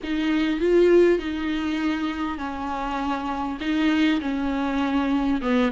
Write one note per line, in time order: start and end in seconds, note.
0.03 0.60 D#4
0.60 1.18 F4
1.18 2.38 D#4
2.38 3.58 C#4
3.60 4.20 D#4
4.21 5.41 C#4
5.41 5.71 B3